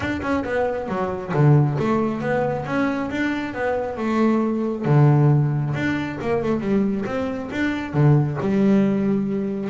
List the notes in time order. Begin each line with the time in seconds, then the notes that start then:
0.00 D4
0.22 C#4
0.44 B3
0.88 F#3
1.33 D3
1.78 A3
2.20 B3
2.66 C#4
3.10 D4
3.54 B3
3.97 A3
4.85 D3
5.74 D4
6.21 A#3
6.42 A3
6.60 G3
7.05 C4
7.51 D4
7.93 D3
8.40 G3